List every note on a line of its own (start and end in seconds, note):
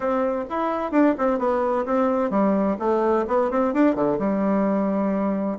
0.00 0.44 C4
0.49 0.91 E4
0.91 1.14 D4
1.18 1.38 C4
1.38 1.85 B3
1.85 2.30 C4
2.30 2.77 G3
2.79 3.25 A3
3.27 3.50 B3
3.51 3.73 C4
3.73 3.95 D4
3.95 4.18 D3
4.19 5.58 G3